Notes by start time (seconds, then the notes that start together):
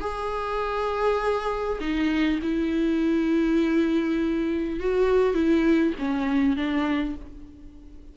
0.00 G#4
1.80 D#4
2.42 E4
4.80 F#4
5.34 E4
5.98 C#4
6.56 D4